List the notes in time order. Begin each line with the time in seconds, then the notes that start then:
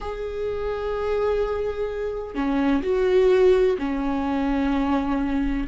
0.01 G#4
2.35 C#4
2.82 F#4
3.78 C#4